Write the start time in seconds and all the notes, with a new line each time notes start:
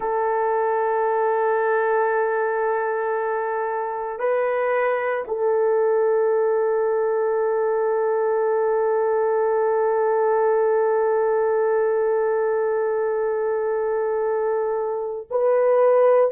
0.00 A4
4.19 B4
5.27 A4
15.30 B4